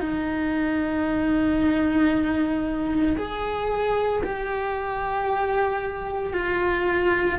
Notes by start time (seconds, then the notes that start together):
0.00 D#4
3.17 G#4
4.23 G4
6.33 F4